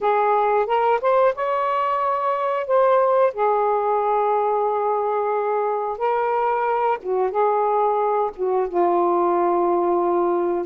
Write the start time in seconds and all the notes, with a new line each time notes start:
0.00 G#4
0.66 A#4
1.01 C5
1.35 C#5
2.66 C5
3.33 G#4
5.98 A#4
7.02 F#4
7.31 G#4
8.35 F#4
8.68 F4